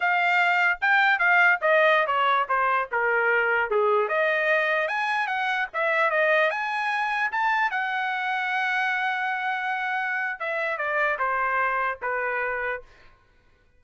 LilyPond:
\new Staff \with { instrumentName = "trumpet" } { \time 4/4 \tempo 4 = 150 f''2 g''4 f''4 | dis''4~ dis''16 cis''4 c''4 ais'8.~ | ais'4~ ais'16 gis'4 dis''4.~ dis''16~ | dis''16 gis''4 fis''4 e''4 dis''8.~ |
dis''16 gis''2 a''4 fis''8.~ | fis''1~ | fis''2 e''4 d''4 | c''2 b'2 | }